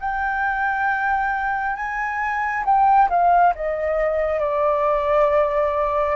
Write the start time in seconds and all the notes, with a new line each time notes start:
0.00 G5
1.76 G#5
2.65 G5
3.09 F5
3.55 D#5
4.40 D5